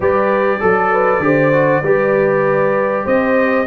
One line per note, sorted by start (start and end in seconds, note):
0.00 0.60 G3
0.00 0.60 G4
0.00 0.59 B4
0.00 3.06 D5
0.60 1.19 F#3
0.60 1.21 A4
0.60 0.92 A4
0.92 1.23 B4
1.19 1.81 D3
1.19 1.52 G4
1.19 1.83 C5
1.52 1.83 F#4
1.83 3.05 G3
1.83 3.66 G4
1.83 3.04 B4
3.04 3.66 C4
3.04 3.65 C5
3.04 3.66 D#5